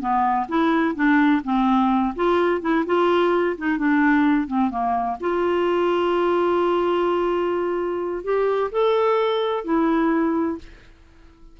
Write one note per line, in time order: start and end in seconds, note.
0.00 0.47 B3
0.48 0.95 E4
0.95 1.42 D4
1.44 2.14 C4
2.16 2.61 F4
2.61 2.85 E4
2.86 3.56 F4
3.57 3.78 D#4
3.78 4.47 D4
4.47 4.70 C4
4.70 5.17 A#3
5.21 8.24 F4
8.24 8.71 G4
8.72 9.64 A4
9.64 10.58 E4